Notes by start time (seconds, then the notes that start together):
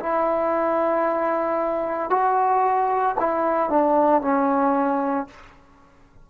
0.00 E4
2.11 F#4
3.20 E4
3.70 D4
4.22 C#4